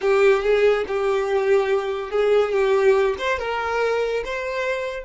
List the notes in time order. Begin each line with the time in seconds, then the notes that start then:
0.01 G4
0.42 G#4
0.87 G4
2.10 G#4
2.51 G4
3.18 C5
3.39 A#4
4.24 C5